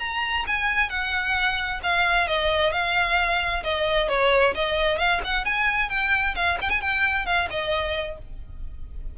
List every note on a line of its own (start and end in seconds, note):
0.00 0.45 A#5
0.47 0.90 G#5
0.90 1.81 F#5
1.83 2.28 F5
2.28 2.73 D#5
2.73 3.64 F5
3.64 4.09 D#5
4.09 4.55 C#5
4.55 4.99 D#5
4.99 5.21 F5
5.25 5.46 F#5
5.46 5.90 G#5
5.90 6.35 G5
6.36 6.58 F5
6.62 6.70 G5
6.70 6.81 G#5
6.81 7.26 G5
7.26 7.49 F5
7.51 8.19 D#5